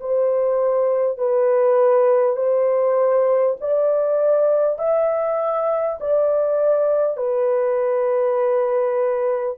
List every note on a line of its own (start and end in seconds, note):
0.00 1.18 C5
1.18 2.36 B4
2.36 3.56 C5
3.61 4.78 D5
4.78 5.98 E5
6.00 7.17 D5
7.17 9.57 B4